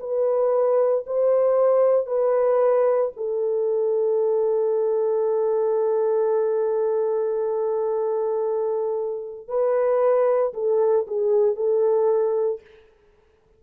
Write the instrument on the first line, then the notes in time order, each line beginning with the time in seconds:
horn
0.00 B4
1.07 C5
2.07 B4
3.17 A4
9.48 B4
10.54 A4
11.08 G#4
11.56 A4